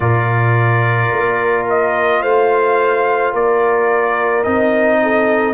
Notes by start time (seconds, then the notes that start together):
0.00 A#2 F4 A#4 D5
1.12 A#3
1.69 D#5
2.21 A3 C5 F5
3.33 A#3 A#4 D5
4.43 C4 D#4 D#5
5.02 A4